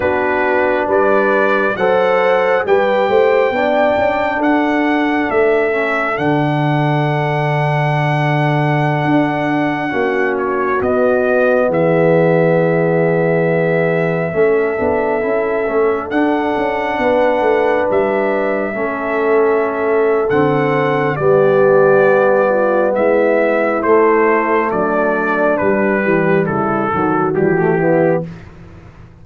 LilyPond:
<<
  \new Staff \with { instrumentName = "trumpet" } { \time 4/4 \tempo 4 = 68 b'4 d''4 fis''4 g''4~ | g''4 fis''4 e''4 fis''4~ | fis''2.~ fis''8. cis''16~ | cis''16 dis''4 e''2~ e''8.~ |
e''2~ e''16 fis''4.~ fis''16~ | fis''16 e''2~ e''8. fis''4 | d''2 e''4 c''4 | d''4 b'4 a'4 g'4 | }
  \new Staff \with { instrumentName = "horn" } { \time 4/4 fis'4 b'4 c''4 b'8 c''8 | d''4 a'2.~ | a'2.~ a'16 fis'8.~ | fis'4~ fis'16 gis'2~ gis'8.~ |
gis'16 a'2. b'8.~ | b'4~ b'16 a'2~ a'8. | g'4. f'8 e'2 | d'4. g'8 e'8 fis'4 e'8 | }
  \new Staff \with { instrumentName = "trombone" } { \time 4/4 d'2 a'4 g'4 | d'2~ d'8 cis'8 d'4~ | d'2.~ d'16 cis'8.~ | cis'16 b2.~ b8.~ |
b16 cis'8 d'8 e'8 cis'8 d'4.~ d'16~ | d'4~ d'16 cis'4.~ cis'16 c'4 | b2. a4~ | a4 g4. fis8 g16 a16 b8 | }
  \new Staff \with { instrumentName = "tuba" } { \time 4/4 b4 g4 fis4 g8 a8 | b8 cis'8 d'4 a4 d4~ | d2~ d16 d'4 ais8.~ | ais16 b4 e2~ e8.~ |
e16 a8 b8 cis'8 a8 d'8 cis'8 b8 a16~ | a16 g4 a4.~ a16 d4 | g2 gis4 a4 | fis4 g8 e8 cis8 dis8 e4 | }
>>